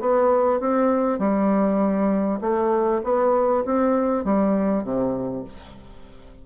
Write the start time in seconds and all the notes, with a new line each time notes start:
0.00 B3
0.60 C4
1.19 G3
2.41 A3
3.04 B3
3.65 C4
4.25 G3
4.83 C3